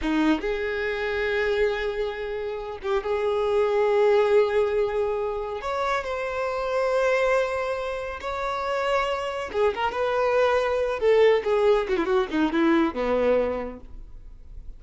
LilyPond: \new Staff \with { instrumentName = "violin" } { \time 4/4 \tempo 4 = 139 dis'4 gis'2.~ | gis'2~ gis'8 g'8 gis'4~ | gis'1~ | gis'4 cis''4 c''2~ |
c''2. cis''4~ | cis''2 gis'8 ais'8 b'4~ | b'4. a'4 gis'4 fis'16 e'16 | fis'8 dis'8 e'4 b2 | }